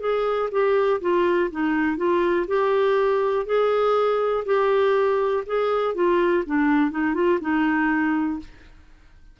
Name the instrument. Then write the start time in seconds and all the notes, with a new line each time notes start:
clarinet
0.00 G#4
0.51 G4
1.01 F4
1.51 D#4
1.97 F4
2.47 G4
3.46 G#4
4.45 G4
5.46 G#4
5.95 F4
6.46 D4
6.91 D#4
7.14 F4
7.41 D#4